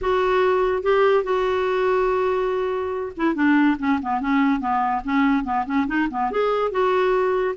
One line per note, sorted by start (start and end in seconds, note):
0.01 0.82 F#4
0.82 1.23 G4
1.23 3.12 F#4
3.16 3.35 E4
3.35 3.77 D4
3.78 3.99 C#4
4.02 4.21 B3
4.21 4.60 C#4
4.60 5.02 B3
5.04 5.44 C#4
5.44 5.65 B3
5.65 5.86 C#4
5.87 6.08 D#4
6.10 6.31 B3
6.31 6.71 G#4
6.71 7.55 F#4